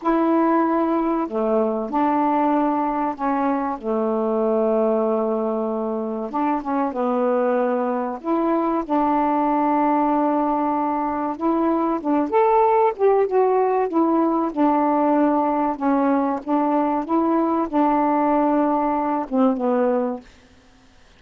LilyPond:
\new Staff \with { instrumentName = "saxophone" } { \time 4/4 \tempo 4 = 95 e'2 a4 d'4~ | d'4 cis'4 a2~ | a2 d'8 cis'8 b4~ | b4 e'4 d'2~ |
d'2 e'4 d'8 a'8~ | a'8 g'8 fis'4 e'4 d'4~ | d'4 cis'4 d'4 e'4 | d'2~ d'8 c'8 b4 | }